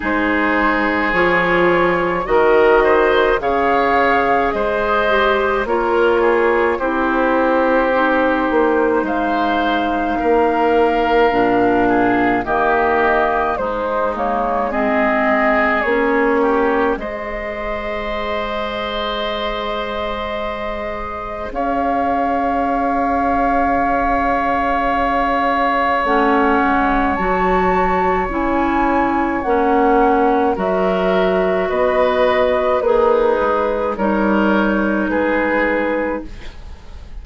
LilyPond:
<<
  \new Staff \with { instrumentName = "flute" } { \time 4/4 \tempo 4 = 53 c''4 cis''4 dis''4 f''4 | dis''4 cis''4 c''2 | f''2. dis''4 | c''8 cis''8 dis''4 cis''4 dis''4~ |
dis''2. f''4~ | f''2. fis''4 | a''4 gis''4 fis''4 e''4 | dis''4 b'4 cis''4 b'4 | }
  \new Staff \with { instrumentName = "oboe" } { \time 4/4 gis'2 ais'8 c''8 cis''4 | c''4 ais'8 gis'8 g'2 | c''4 ais'4. gis'8 g'4 | dis'4 gis'4. g'8 c''4~ |
c''2. cis''4~ | cis''1~ | cis''2. ais'4 | b'4 dis'4 ais'4 gis'4 | }
  \new Staff \with { instrumentName = "clarinet" } { \time 4/4 dis'4 f'4 fis'4 gis'4~ | gis'8 g'8 f'4 e'4 dis'4~ | dis'2 d'4 ais4 | gis8 ais8 c'4 cis'4 gis'4~ |
gis'1~ | gis'2. cis'4 | fis'4 e'4 cis'4 fis'4~ | fis'4 gis'4 dis'2 | }
  \new Staff \with { instrumentName = "bassoon" } { \time 4/4 gis4 f4 dis4 cis4 | gis4 ais4 c'4. ais8 | gis4 ais4 ais,4 dis4 | gis2 ais4 gis4~ |
gis2. cis'4~ | cis'2. a8 gis8 | fis4 cis'4 ais4 fis4 | b4 ais8 gis8 g4 gis4 | }
>>